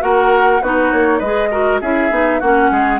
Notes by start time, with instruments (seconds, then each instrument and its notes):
0.00 bassoon A#3, clarinet F#4, oboe A#4, flute F#5
0.61 bassoon B3, clarinet D#4, oboe F#4, flute B4
0.91 bassoon A#3, flute C#5
1.18 bassoon G#3, clarinet G#4, oboe B4, flute D#5
1.50 clarinet F#4, oboe A#4
1.80 bassoon C#4, clarinet E4, oboe G#4, flute E5
2.10 bassoon B3, clarinet D#4
2.40 bassoon A#3, clarinet C#4, oboe F#4, flute F#5
2.71 bassoon G#3, oboe G#4